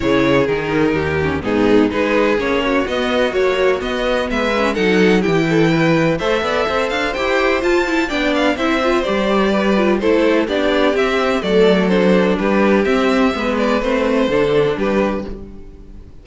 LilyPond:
<<
  \new Staff \with { instrumentName = "violin" } { \time 4/4 \tempo 4 = 126 cis''4 ais'2 gis'4 | b'4 cis''4 dis''4 cis''4 | dis''4 e''4 fis''4 g''4~ | g''4 e''4. f''8 g''4 |
a''4 g''8 f''8 e''4 d''4~ | d''4 c''4 d''4 e''4 | d''4 c''4 b'4 e''4~ | e''8 d''8 c''2 b'4 | }
  \new Staff \with { instrumentName = "violin" } { \time 4/4 gis'2 g'4 dis'4 | gis'4. fis'2~ fis'8~ | fis'4 b'4 a'4 g'8 a'8 | b'4 c''8 d''8 c''2~ |
c''4 d''4 c''2 | b'4 a'4 g'2 | a'2 g'2 | b'2 a'4 g'4 | }
  \new Staff \with { instrumentName = "viola" } { \time 4/4 e'4 dis'4. cis'8 b4 | dis'4 cis'4 b4 fis4 | b4. cis'8 dis'4 e'4~ | e'4 a'2 g'4 |
f'8 e'8 d'4 e'8 f'8 g'4~ | g'8 f'8 e'4 d'4 c'4 | a4 d'2 c'4 | b4 c'4 d'2 | }
  \new Staff \with { instrumentName = "cello" } { \time 4/4 cis4 dis4 dis,4 gis,4 | gis4 ais4 b4 ais4 | b4 gis4 fis4 e4~ | e4 a8 b8 c'8 d'8 e'4 |
f'4 b4 c'4 g4~ | g4 a4 b4 c'4 | fis2 g4 c'4 | gis4 a4 d4 g4 | }
>>